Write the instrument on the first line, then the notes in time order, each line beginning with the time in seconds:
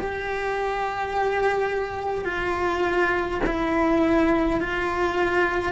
cello
0.00 G4
2.26 F4
3.47 E4
4.61 F4